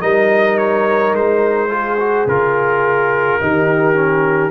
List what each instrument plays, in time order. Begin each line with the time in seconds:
0.00 tuba G3, trombone D#4, horn A#4, trumpet D#5
0.57 trumpet C#5
1.12 tuba G#3, trumpet C5
1.69 trombone F4, horn G#4
1.99 trombone F#4
2.26 tuba C#3, trombone F4, trumpet A#4
3.40 tuba D#3, trombone D#4, horn G4
3.94 trombone C#4